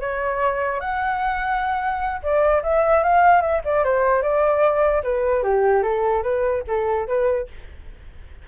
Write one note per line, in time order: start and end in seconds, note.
0.00 0.80 C#5
0.80 2.21 F#5
2.22 2.62 D5
2.63 3.03 E5
3.03 3.41 F5
3.41 3.61 E5
3.64 3.84 D5
3.84 4.22 C5
4.22 5.02 D5
5.03 5.43 B4
5.43 5.82 G4
5.82 6.23 A4
6.23 6.63 B4
6.67 7.07 A4
7.07 7.48 B4